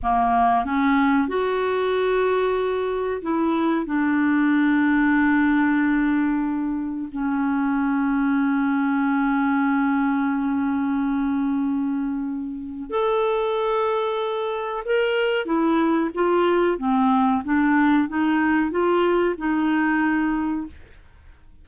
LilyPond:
\new Staff \with { instrumentName = "clarinet" } { \time 4/4 \tempo 4 = 93 ais4 cis'4 fis'2~ | fis'4 e'4 d'2~ | d'2. cis'4~ | cis'1~ |
cis'1 | a'2. ais'4 | e'4 f'4 c'4 d'4 | dis'4 f'4 dis'2 | }